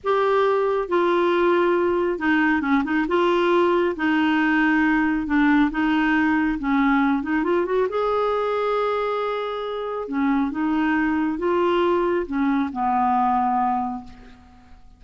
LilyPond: \new Staff \with { instrumentName = "clarinet" } { \time 4/4 \tempo 4 = 137 g'2 f'2~ | f'4 dis'4 cis'8 dis'8 f'4~ | f'4 dis'2. | d'4 dis'2 cis'4~ |
cis'8 dis'8 f'8 fis'8 gis'2~ | gis'2. cis'4 | dis'2 f'2 | cis'4 b2. | }